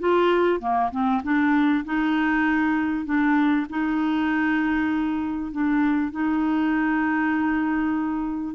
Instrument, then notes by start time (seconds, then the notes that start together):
clarinet
0.00 F4
0.60 A#3
0.92 C4
1.24 D4
1.85 D#4
3.06 D4
3.70 D#4
5.52 D4
6.12 D#4